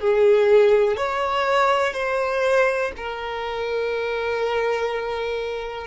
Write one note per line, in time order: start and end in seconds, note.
0.00 0.97 G#4
0.97 1.94 C#5
1.94 2.92 C5
2.97 5.87 A#4